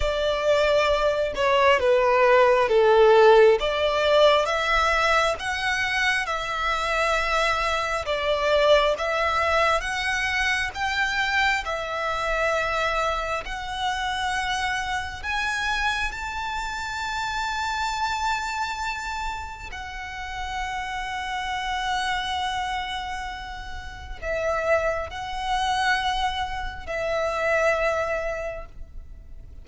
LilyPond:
\new Staff \with { instrumentName = "violin" } { \time 4/4 \tempo 4 = 67 d''4. cis''8 b'4 a'4 | d''4 e''4 fis''4 e''4~ | e''4 d''4 e''4 fis''4 | g''4 e''2 fis''4~ |
fis''4 gis''4 a''2~ | a''2 fis''2~ | fis''2. e''4 | fis''2 e''2 | }